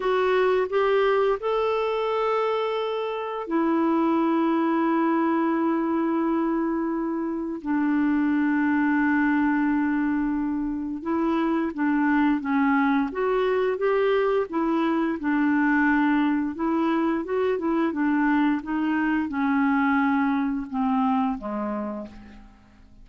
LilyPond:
\new Staff \with { instrumentName = "clarinet" } { \time 4/4 \tempo 4 = 87 fis'4 g'4 a'2~ | a'4 e'2.~ | e'2. d'4~ | d'1 |
e'4 d'4 cis'4 fis'4 | g'4 e'4 d'2 | e'4 fis'8 e'8 d'4 dis'4 | cis'2 c'4 gis4 | }